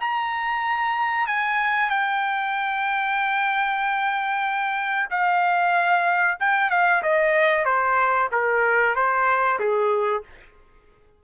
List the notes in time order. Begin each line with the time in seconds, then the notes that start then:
0.00 A#5
1.27 G#5
1.89 G5
5.10 F5
6.39 G5
6.70 F5
7.02 D#5
7.65 C5
8.32 A#4
8.95 C5
9.59 G#4